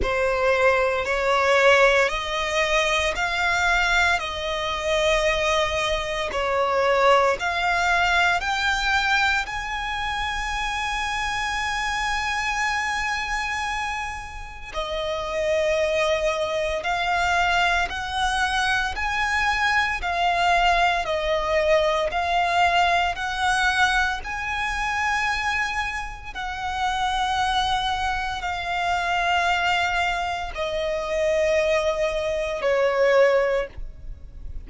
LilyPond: \new Staff \with { instrumentName = "violin" } { \time 4/4 \tempo 4 = 57 c''4 cis''4 dis''4 f''4 | dis''2 cis''4 f''4 | g''4 gis''2.~ | gis''2 dis''2 |
f''4 fis''4 gis''4 f''4 | dis''4 f''4 fis''4 gis''4~ | gis''4 fis''2 f''4~ | f''4 dis''2 cis''4 | }